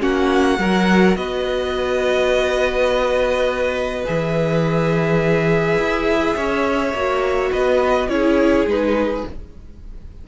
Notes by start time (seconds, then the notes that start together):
0.00 A#3 C#4 F#4 F#5
0.59 F#3 F#4 A#4
1.16 B3 B4 D#5
4.05 E3 G#4 E5
5.78 E4
6.37 C#4 C#5
6.94 A#3 F#4
7.51 B3 B4 D#5
8.08 C#4 E4 G#4 C#5
8.66 G#3 D#4 B4